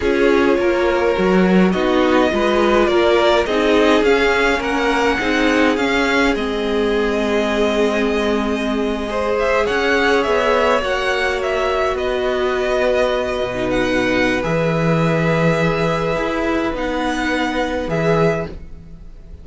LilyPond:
<<
  \new Staff \with { instrumentName = "violin" } { \time 4/4 \tempo 4 = 104 cis''2. dis''4~ | dis''4 d''4 dis''4 f''4 | fis''2 f''4 dis''4~ | dis''1~ |
dis''16 e''8 fis''4 e''4 fis''4 e''16~ | e''8. dis''2. fis''16~ | fis''4 e''2.~ | e''4 fis''2 e''4 | }
  \new Staff \with { instrumentName = "violin" } { \time 4/4 gis'4 ais'2 fis'4 | b'4 ais'4 gis'2 | ais'4 gis'2.~ | gis'2.~ gis'8. c''16~ |
c''8. cis''2.~ cis''16~ | cis''8. b'2.~ b'16~ | b'1~ | b'1 | }
  \new Staff \with { instrumentName = "viola" } { \time 4/4 f'2 fis'4 dis'4 | f'2 dis'4 cis'4~ | cis'4 dis'4 cis'4 c'4~ | c'2.~ c'8. gis'16~ |
gis'2~ gis'8. fis'4~ fis'16~ | fis'2.~ fis'8 dis'8~ | dis'4 gis'2.~ | gis'4 dis'2 gis'4 | }
  \new Staff \with { instrumentName = "cello" } { \time 4/4 cis'4 ais4 fis4 b4 | gis4 ais4 c'4 cis'4 | ais4 c'4 cis'4 gis4~ | gis1~ |
gis8. cis'4 b4 ais4~ ais16~ | ais8. b2~ b8 b,8.~ | b,4 e2. | e'4 b2 e4 | }
>>